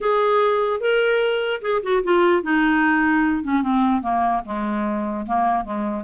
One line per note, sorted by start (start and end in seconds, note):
0.00 0.80 G#4
0.80 1.61 A#4
1.61 1.81 G#4
1.82 2.03 F#4
2.03 2.43 F4
2.43 3.43 D#4
3.43 3.62 C#4
3.62 4.02 C4
4.02 4.42 A#3
4.45 5.26 G#3
5.26 5.64 A#3
5.64 6.04 G#3